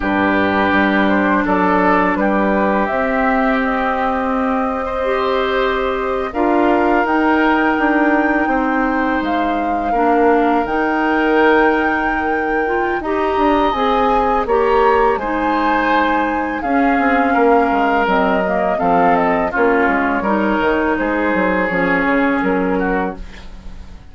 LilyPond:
<<
  \new Staff \with { instrumentName = "flute" } { \time 4/4 \tempo 4 = 83 b'4. c''8 d''4 b'4 | e''4 dis''2.~ | dis''8. f''4 g''2~ g''16~ | g''8. f''2 g''4~ g''16~ |
g''2 ais''4 gis''4 | ais''4 gis''2 f''4~ | f''4 dis''4 f''8 dis''8 cis''4~ | cis''4 c''4 cis''4 ais'4 | }
  \new Staff \with { instrumentName = "oboe" } { \time 4/4 g'2 a'4 g'4~ | g'2~ g'8. c''4~ c''16~ | c''8. ais'2. c''16~ | c''4.~ c''16 ais'2~ ais'16~ |
ais'2 dis''2 | cis''4 c''2 gis'4 | ais'2 a'4 f'4 | ais'4 gis'2~ gis'8 fis'8 | }
  \new Staff \with { instrumentName = "clarinet" } { \time 4/4 d'1 | c'2. g'4~ | g'8. f'4 dis'2~ dis'16~ | dis'4.~ dis'16 d'4 dis'4~ dis'16~ |
dis'4. f'8 g'4 gis'4 | g'4 dis'2 cis'4~ | cis'4 c'8 ais8 c'4 cis'4 | dis'2 cis'2 | }
  \new Staff \with { instrumentName = "bassoon" } { \time 4/4 g,4 g4 fis4 g4 | c'1~ | c'8. d'4 dis'4 d'4 c'16~ | c'8. gis4 ais4 dis4~ dis16~ |
dis2 dis'8 d'8 c'4 | ais4 gis2 cis'8 c'8 | ais8 gis8 fis4 f4 ais8 gis8 | g8 dis8 gis8 fis8 f8 cis8 fis4 | }
>>